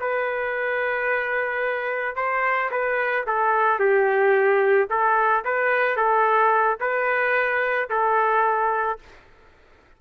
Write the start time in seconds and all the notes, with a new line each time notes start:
0.00 B4
2.15 C5
2.71 B4
3.26 A4
3.79 G4
4.89 A4
5.44 B4
5.96 A4
6.80 B4
7.90 A4